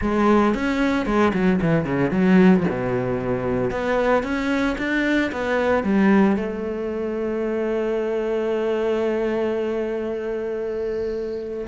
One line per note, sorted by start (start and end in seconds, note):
0.01 0.54 G#3
0.54 1.05 C#4
1.05 1.32 G#3
1.33 1.60 F#3
1.61 1.84 E3
1.84 2.10 C#3
2.10 2.63 F#3
2.69 3.70 B2
3.70 4.23 B3
4.23 4.76 C#4
4.78 5.31 D4
5.32 5.83 B3
5.83 6.36 G3
6.36 11.67 A3